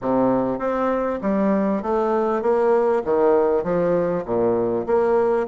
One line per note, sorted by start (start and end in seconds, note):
0.01 0.58 C3
0.58 1.19 C4
1.21 1.82 G3
1.82 2.41 A3
2.41 3.02 A#3
3.05 3.63 D#3
3.63 4.24 F3
4.25 4.85 A#2
4.86 5.47 A#3